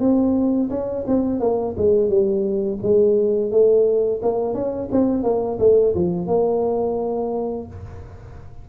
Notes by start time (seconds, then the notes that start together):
0.00 C4
0.70 C#4
1.08 C4
1.40 A#3
1.77 G#3
2.09 G3
2.83 G#3
3.51 A3
4.22 A#3
4.54 C#4
4.92 C4
5.23 A#3
5.59 A3
5.95 F3
6.28 A#3